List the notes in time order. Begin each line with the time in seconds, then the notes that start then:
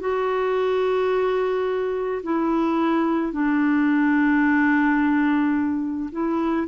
0.00 F#4
2.23 E4
3.32 D4
6.12 E4